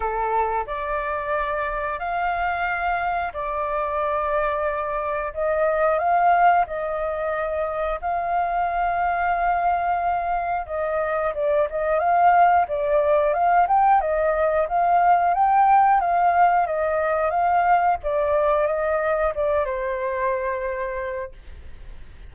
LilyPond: \new Staff \with { instrumentName = "flute" } { \time 4/4 \tempo 4 = 90 a'4 d''2 f''4~ | f''4 d''2. | dis''4 f''4 dis''2 | f''1 |
dis''4 d''8 dis''8 f''4 d''4 | f''8 g''8 dis''4 f''4 g''4 | f''4 dis''4 f''4 d''4 | dis''4 d''8 c''2~ c''8 | }